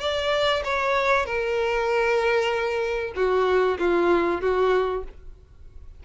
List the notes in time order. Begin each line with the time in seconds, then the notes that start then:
0.00 D5
0.64 C#5
1.26 A#4
3.15 F#4
3.79 F4
4.41 F#4